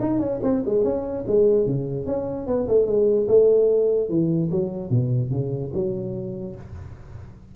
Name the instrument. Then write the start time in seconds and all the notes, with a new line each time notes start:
tuba
0.00 D#4
0.19 C#4
0.42 C4
0.65 G#3
0.84 C#4
1.27 G#3
1.66 C#3
2.06 C#4
2.47 B3
2.68 A3
2.86 G#3
3.28 A3
4.09 E3
4.51 F#3
4.90 B2
5.31 C#3
5.74 F#3